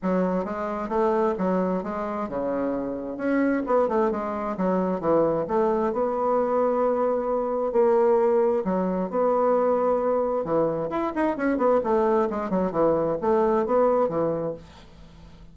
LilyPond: \new Staff \with { instrumentName = "bassoon" } { \time 4/4 \tempo 4 = 132 fis4 gis4 a4 fis4 | gis4 cis2 cis'4 | b8 a8 gis4 fis4 e4 | a4 b2.~ |
b4 ais2 fis4 | b2. e4 | e'8 dis'8 cis'8 b8 a4 gis8 fis8 | e4 a4 b4 e4 | }